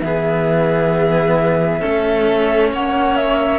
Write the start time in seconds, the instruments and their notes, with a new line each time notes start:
0.00 cello E3 B3, violin G#4, flute E5
1.81 cello A3 C#4, violin A4
2.72 cello A#3, violin C#5, flute F#5
3.16 flute E5